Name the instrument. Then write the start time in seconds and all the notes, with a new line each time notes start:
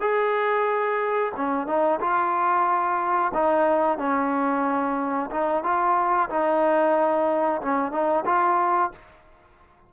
trombone
0.00 G#4
1.36 C#4
1.66 D#4
2.00 F4
3.34 D#4
3.98 C#4
5.30 D#4
5.63 F4
6.29 D#4
7.62 C#4
7.91 D#4
8.25 F4